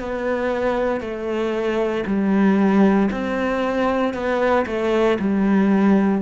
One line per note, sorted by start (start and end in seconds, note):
0.00 1.01 B3
1.01 2.05 A3
2.07 3.10 G3
3.12 4.14 C4
4.14 4.66 B3
4.67 5.19 A3
5.20 6.22 G3